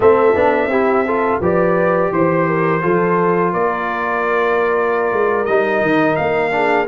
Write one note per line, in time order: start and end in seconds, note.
0.00 0.33 A3
0.00 0.34 C4
0.00 0.70 A4
0.00 1.42 E5
0.34 0.66 B3
0.34 0.70 D4
0.66 1.37 C4
0.66 1.06 E4
0.66 1.05 G4
1.05 1.42 F4
1.05 1.40 A4
1.40 2.11 F3
1.40 2.81 G4
1.40 2.11 B4
1.40 2.12 D5
2.12 2.82 E3
2.12 3.53 C5
2.12 2.47 C5
2.47 2.82 A#4
2.81 3.53 F3
2.81 5.46 F4
2.81 3.53 A4
3.53 5.11 A#3
3.53 6.53 A#4
3.53 5.45 D5
5.11 5.47 G#3
5.45 5.81 G3
5.45 6.51 D#4
5.45 6.15 D#5
5.81 6.16 D#3
6.15 6.87 A#3
6.15 6.86 F5
6.51 6.86 D4
6.51 6.87 G#4